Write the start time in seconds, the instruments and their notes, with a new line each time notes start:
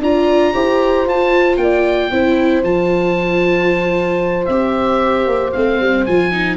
0.00 tuba D4, viola F4, horn D5, oboe A#5
0.54 tuba E4, viola G4, horn C5
1.06 viola F4, tuba F4, oboe A5
1.57 tuba A#3, horn D5, oboe G5
2.11 tuba C4, viola E4, horn C5
2.63 tuba F3, viola F4, oboe A5
4.46 tuba C4, viola G4, oboe E5
5.27 tuba A#3
5.53 tuba A3, viola C4, oboe F5
5.80 tuba G3
6.06 tuba F3, viola F4, oboe G#5
6.32 viola D#4